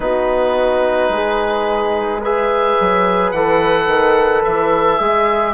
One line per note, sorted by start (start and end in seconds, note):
0.00 1.09 B3
0.00 2.21 D#4
0.00 1.12 F#4
0.00 2.20 B4
1.09 2.75 G#3
1.09 2.21 G#4
2.21 3.35 G#4
2.21 4.98 B4
2.21 3.31 E5
2.80 3.32 F#3
3.31 3.87 E3
3.31 5.01 A4
3.31 4.42 F#5
3.87 4.42 D#3
4.44 4.99 E3
4.44 5.54 E5
4.99 5.54 G#3
4.99 5.54 G#4
4.99 5.54 E5